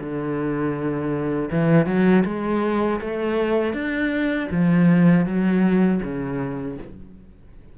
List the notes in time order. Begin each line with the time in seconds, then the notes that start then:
0.00 D3
1.51 E3
1.86 F#3
2.25 G#3
3.01 A3
3.74 D4
4.51 F3
5.26 F#3
6.03 C#3